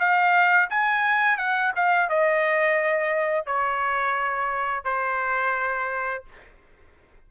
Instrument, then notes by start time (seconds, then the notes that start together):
trumpet
0.00 F5
0.70 G#5
1.38 F#5
1.76 F5
2.09 D#5
3.46 C#5
4.85 C5